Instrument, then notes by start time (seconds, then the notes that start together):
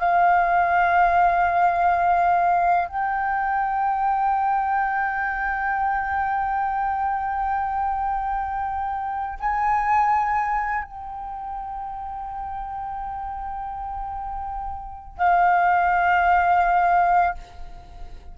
flute
0.00 F5
2.88 G5
9.40 G#5
10.84 G5
15.18 F5